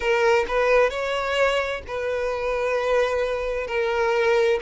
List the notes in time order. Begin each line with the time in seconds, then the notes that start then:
0.00 A#4
0.47 B4
0.89 C#5
1.87 B4
3.67 A#4